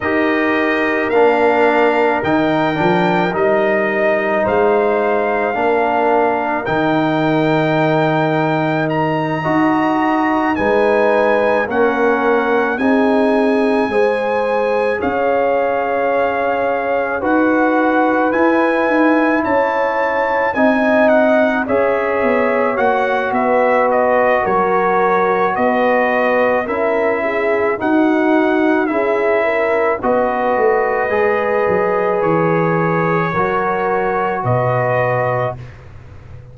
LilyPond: <<
  \new Staff \with { instrumentName = "trumpet" } { \time 4/4 \tempo 4 = 54 dis''4 f''4 g''4 dis''4 | f''2 g''2 | ais''4. gis''4 fis''4 gis''8~ | gis''4. f''2 fis''8~ |
fis''8 gis''4 a''4 gis''8 fis''8 e''8~ | e''8 fis''8 e''8 dis''8 cis''4 dis''4 | e''4 fis''4 e''4 dis''4~ | dis''4 cis''2 dis''4 | }
  \new Staff \with { instrumentName = "horn" } { \time 4/4 ais'1 | c''4 ais'2.~ | ais'8 dis''4 b'4 ais'4 gis'8~ | gis'8 c''4 cis''2 b'8~ |
b'4. cis''4 dis''4 cis''8~ | cis''4 b'4 ais'4 b'4 | ais'8 gis'8 fis'4 gis'8 ais'8 b'4~ | b'2 ais'4 b'4 | }
  \new Staff \with { instrumentName = "trombone" } { \time 4/4 g'4 d'4 dis'8 d'8 dis'4~ | dis'4 d'4 dis'2~ | dis'8 fis'4 dis'4 cis'4 dis'8~ | dis'8 gis'2. fis'8~ |
fis'8 e'2 dis'4 gis'8~ | gis'8 fis'2.~ fis'8 | e'4 dis'4 e'4 fis'4 | gis'2 fis'2 | }
  \new Staff \with { instrumentName = "tuba" } { \time 4/4 dis'4 ais4 dis8 f8 g4 | gis4 ais4 dis2~ | dis8 dis'4 gis4 ais4 c'8~ | c'8 gis4 cis'2 dis'8~ |
dis'8 e'8 dis'8 cis'4 c'4 cis'8 | b8 ais8 b4 fis4 b4 | cis'4 dis'4 cis'4 b8 a8 | gis8 fis8 e4 fis4 b,4 | }
>>